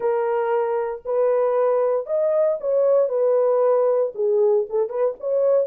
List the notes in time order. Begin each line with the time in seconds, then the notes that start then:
0.00 A#4
1.05 B4
2.06 D#5
2.60 C#5
3.08 B4
4.14 G#4
4.69 A4
4.89 B4
5.20 C#5